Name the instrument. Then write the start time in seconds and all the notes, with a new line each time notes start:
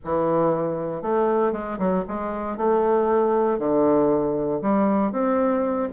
bassoon
0.04 E3
1.02 A3
1.52 G#3
1.78 F#3
2.08 G#3
2.57 A3
3.58 D3
4.61 G3
5.12 C4